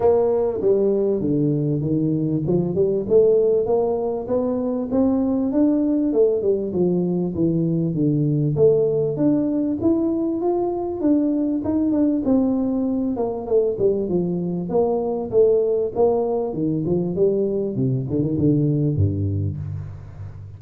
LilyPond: \new Staff \with { instrumentName = "tuba" } { \time 4/4 \tempo 4 = 98 ais4 g4 d4 dis4 | f8 g8 a4 ais4 b4 | c'4 d'4 a8 g8 f4 | e4 d4 a4 d'4 |
e'4 f'4 d'4 dis'8 d'8 | c'4. ais8 a8 g8 f4 | ais4 a4 ais4 dis8 f8 | g4 c8 d16 dis16 d4 g,4 | }